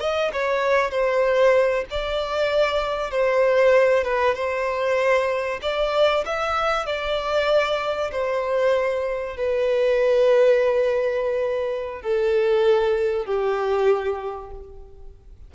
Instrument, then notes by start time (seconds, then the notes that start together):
violin
0.00 D#5
0.32 C#5
0.91 C5
1.90 D5
3.11 C5
4.04 B4
4.35 C5
5.62 D5
6.25 E5
6.86 D5
8.12 C5
9.37 B4
12.02 A4
13.26 G4